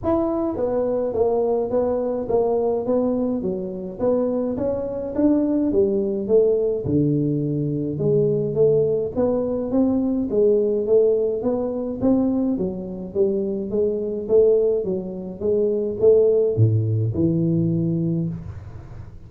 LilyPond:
\new Staff \with { instrumentName = "tuba" } { \time 4/4 \tempo 4 = 105 e'4 b4 ais4 b4 | ais4 b4 fis4 b4 | cis'4 d'4 g4 a4 | d2 gis4 a4 |
b4 c'4 gis4 a4 | b4 c'4 fis4 g4 | gis4 a4 fis4 gis4 | a4 a,4 e2 | }